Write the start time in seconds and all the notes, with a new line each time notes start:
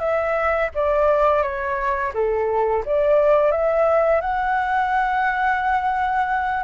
0.00 E5
0.75 D5
1.43 C#5
2.14 A4
2.86 D5
3.52 E5
4.21 F#5